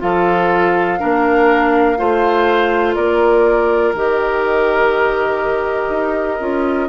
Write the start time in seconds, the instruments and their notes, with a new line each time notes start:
0.00 bassoon F3, clarinet F4, oboe A4, flute F5
0.99 bassoon A#3, clarinet D4, oboe A#4
1.98 bassoon A3, clarinet F4, oboe C5
2.95 bassoon A#3, oboe A#4, flute D5
3.94 bassoon D#3, clarinet G4, flute D#5
5.89 bassoon D#4
6.40 bassoon C#4, clarinet F4